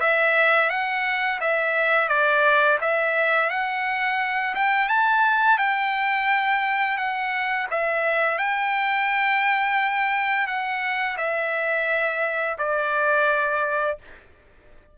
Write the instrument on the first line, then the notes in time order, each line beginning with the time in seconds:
trumpet
0.00 E5
0.69 F#5
1.40 E5
2.08 D5
2.81 E5
3.49 F#5
4.55 G5
4.88 A5
5.58 G5
6.97 F#5
7.70 E5
8.38 G5
10.47 F#5
11.17 E5
12.58 D5